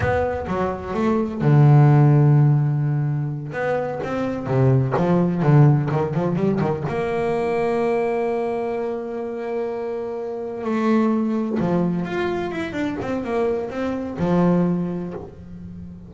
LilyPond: \new Staff \with { instrumentName = "double bass" } { \time 4/4 \tempo 4 = 127 b4 fis4 a4 d4~ | d2.~ d8 b8~ | b8 c'4 c4 f4 d8~ | d8 dis8 f8 g8 dis8 ais4.~ |
ais1~ | ais2~ ais8 a4.~ | a8 f4 f'4 e'8 d'8 c'8 | ais4 c'4 f2 | }